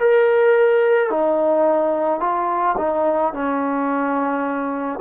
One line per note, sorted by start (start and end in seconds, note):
0.00 1.11 A#4
1.11 2.20 D#4
2.20 2.76 F4
2.78 3.33 D#4
3.33 5.00 C#4